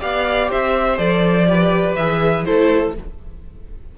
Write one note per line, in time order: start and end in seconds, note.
0.00 0.52 B3
0.00 0.97 G4
0.00 0.49 D5
0.00 0.51 F5
0.49 0.98 C4
0.49 1.47 C5
0.49 0.98 E5
0.97 1.96 F3
0.97 1.46 A4
0.97 1.96 D5
1.49 1.97 G4
1.49 2.46 B4
1.96 2.45 E3
1.96 2.46 G#4
1.96 2.44 E5
2.45 2.98 A3
2.45 2.94 E4
2.45 2.95 A4
2.45 2.94 C5